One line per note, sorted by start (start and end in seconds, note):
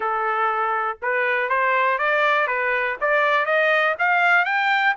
0.00 0.98 A4
1.02 1.49 B4
1.49 1.98 C5
1.98 2.47 D5
2.47 2.96 B4
3.00 3.45 D5
3.45 3.95 D#5
3.98 4.45 F5
4.45 4.94 G5